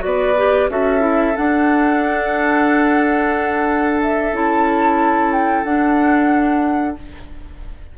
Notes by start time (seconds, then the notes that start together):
0.00 B3 F#4 B4 D5
0.37 G4
0.70 C#4 F#4 A4 E5
1.00 E4
1.37 D4 F#5
4.02 E5
4.32 C#4 E4 A5
5.32 G5
5.64 D4 F#5